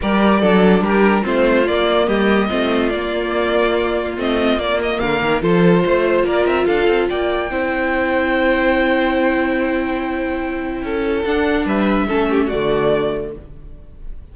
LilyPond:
<<
  \new Staff \with { instrumentName = "violin" } { \time 4/4 \tempo 4 = 144 d''2 ais'4 c''4 | d''4 dis''2 d''4~ | d''2 dis''4 d''8 dis''8 | f''4 c''2 d''8 e''8 |
f''4 g''2.~ | g''1~ | g''2. fis''4 | e''2 d''2 | }
  \new Staff \with { instrumentName = "violin" } { \time 4/4 ais'4 a'4 g'4 f'4~ | f'4 g'4 f'2~ | f'1 | ais'4 a'4 c''4 ais'4 |
a'4 d''4 c''2~ | c''1~ | c''2 a'2 | b'4 a'8 g'8 fis'2 | }
  \new Staff \with { instrumentName = "viola" } { \time 4/4 g'4 d'2 c'4 | ais2 c'4 ais4~ | ais2 c'4 ais4~ | ais4 f'2.~ |
f'2 e'2~ | e'1~ | e'2. d'4~ | d'4 cis'4 a2 | }
  \new Staff \with { instrumentName = "cello" } { \time 4/4 g4 fis4 g4 a4 | ais4 g4 a4 ais4~ | ais2 a4 ais4 | d8 dis8 f4 a4 ais8 c'8 |
d'8 c'8 ais4 c'2~ | c'1~ | c'2 cis'4 d'4 | g4 a4 d2 | }
>>